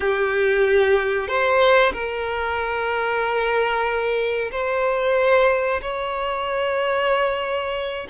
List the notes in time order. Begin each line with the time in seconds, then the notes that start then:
0.00 G4
1.27 C5
1.92 A#4
4.51 C5
5.81 C#5